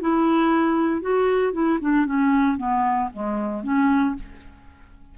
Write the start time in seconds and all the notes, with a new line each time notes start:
0.00 E4
1.01 F#4
1.52 E4
1.81 D4
2.05 C#4
2.57 B3
3.13 G#3
3.63 C#4